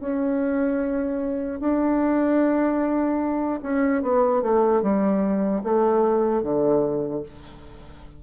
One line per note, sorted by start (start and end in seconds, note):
0.00 1.60 C#4
1.60 3.60 D4
3.63 4.03 C#4
4.03 4.43 B3
4.43 4.83 A3
4.83 5.63 G3
5.64 6.43 A3
6.43 7.23 D3